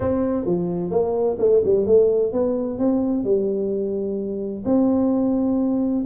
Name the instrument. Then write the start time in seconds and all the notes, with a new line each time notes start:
tuba
0.00 C4
0.45 F3
0.90 A#3
1.38 A3
1.64 G3
1.86 A3
2.32 B3
2.78 C4
3.24 G3
4.65 C4